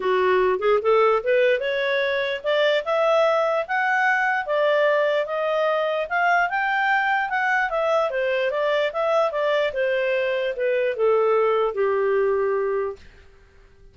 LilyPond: \new Staff \with { instrumentName = "clarinet" } { \time 4/4 \tempo 4 = 148 fis'4. gis'8 a'4 b'4 | cis''2 d''4 e''4~ | e''4 fis''2 d''4~ | d''4 dis''2 f''4 |
g''2 fis''4 e''4 | c''4 d''4 e''4 d''4 | c''2 b'4 a'4~ | a'4 g'2. | }